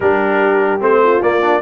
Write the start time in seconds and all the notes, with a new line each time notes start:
0.00 G3 D4 G4 A#4
0.80 A3 C4 C5
1.03 F4
1.22 A#3 D5
1.41 D4